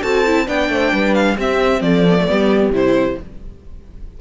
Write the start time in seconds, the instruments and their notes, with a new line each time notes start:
0.00 cello C4, viola F#4, horn A4, violin A5
0.26 viola E4
0.46 cello B3, viola D4, horn D5, violin G5
0.69 cello A3, horn C5
0.92 cello G3, horn B4
1.14 violin F5
1.36 viola C4, cello C4, horn G4, violin E5
1.80 cello F3, horn A4, violin D5
2.10 viola B3
2.18 viola A3
2.27 cello G3, viola B3, horn G4
2.69 cello C3, viola E4
2.75 violin C5